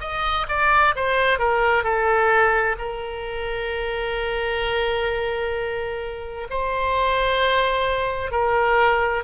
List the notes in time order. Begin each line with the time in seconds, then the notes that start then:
0.00 D#5
0.48 D5
0.95 C5
1.39 A#4
1.83 A4
2.79 A#4
6.50 C5
8.31 A#4